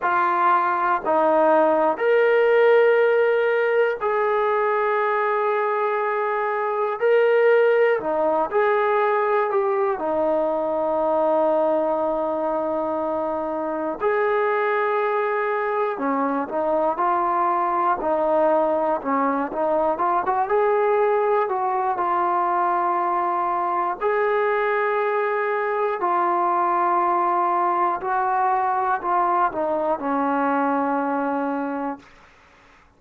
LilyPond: \new Staff \with { instrumentName = "trombone" } { \time 4/4 \tempo 4 = 60 f'4 dis'4 ais'2 | gis'2. ais'4 | dis'8 gis'4 g'8 dis'2~ | dis'2 gis'2 |
cis'8 dis'8 f'4 dis'4 cis'8 dis'8 | f'16 fis'16 gis'4 fis'8 f'2 | gis'2 f'2 | fis'4 f'8 dis'8 cis'2 | }